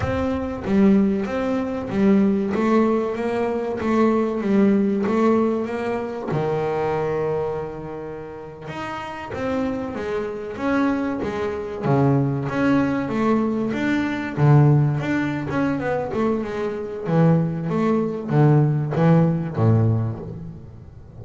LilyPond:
\new Staff \with { instrumentName = "double bass" } { \time 4/4 \tempo 4 = 95 c'4 g4 c'4 g4 | a4 ais4 a4 g4 | a4 ais4 dis2~ | dis4.~ dis16 dis'4 c'4 gis16~ |
gis8. cis'4 gis4 cis4 cis'16~ | cis'8. a4 d'4 d4 d'16~ | d'8 cis'8 b8 a8 gis4 e4 | a4 d4 e4 a,4 | }